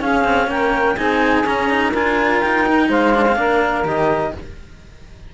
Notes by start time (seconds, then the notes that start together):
0.00 C#4 G#4 F5
0.24 C4
0.47 A#3 A#4 G5
0.97 C4 D#4 G#4 G#5
1.44 C#4 A#5
1.69 D#4
1.91 D4 F4 A#4 G#5
2.41 D#4 G5
2.67 D#4
2.88 G#3 C5 F5
3.15 D4
3.28 C4
3.36 A#3 D4 A#4
3.83 D#3 G4 D#5